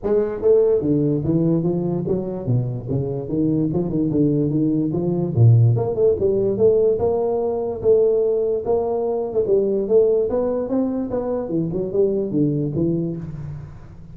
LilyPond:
\new Staff \with { instrumentName = "tuba" } { \time 4/4 \tempo 4 = 146 gis4 a4 d4 e4 | f4 fis4 b,4 cis4 | dis4 f8 dis8 d4 dis4 | f4 ais,4 ais8 a8 g4 |
a4 ais2 a4~ | a4 ais4.~ ais16 a16 g4 | a4 b4 c'4 b4 | e8 fis8 g4 d4 e4 | }